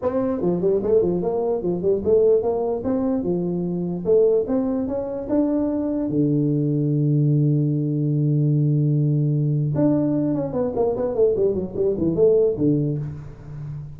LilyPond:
\new Staff \with { instrumentName = "tuba" } { \time 4/4 \tempo 4 = 148 c'4 f8 g8 a8 f8 ais4 | f8 g8 a4 ais4 c'4 | f2 a4 c'4 | cis'4 d'2 d4~ |
d1~ | d1 | d'4. cis'8 b8 ais8 b8 a8 | g8 fis8 g8 e8 a4 d4 | }